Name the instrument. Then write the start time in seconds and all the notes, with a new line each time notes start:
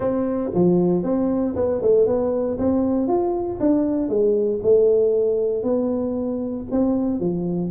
tuba
0.00 C4
0.54 F3
1.03 C4
1.55 B3
1.81 A3
2.06 B3
2.58 C4
3.07 F4
3.59 D4
4.08 G#3
4.62 A3
5.63 B3
6.71 C4
7.19 F3